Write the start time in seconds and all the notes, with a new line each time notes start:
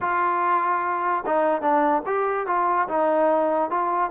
0.01 F4
1.26 D#4
1.61 D4
2.06 G4
2.46 F4
2.88 D#4
3.70 F4